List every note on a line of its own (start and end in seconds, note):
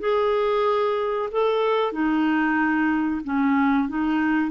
0.00 1.29 G#4
1.31 1.92 A4
1.92 3.21 D#4
3.24 3.89 C#4
3.89 4.50 D#4